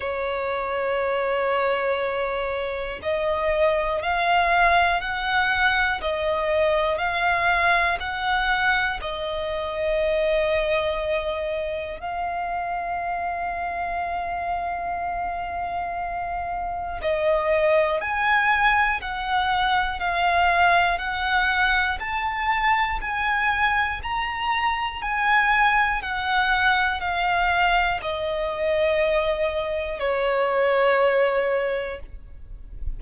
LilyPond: \new Staff \with { instrumentName = "violin" } { \time 4/4 \tempo 4 = 60 cis''2. dis''4 | f''4 fis''4 dis''4 f''4 | fis''4 dis''2. | f''1~ |
f''4 dis''4 gis''4 fis''4 | f''4 fis''4 a''4 gis''4 | ais''4 gis''4 fis''4 f''4 | dis''2 cis''2 | }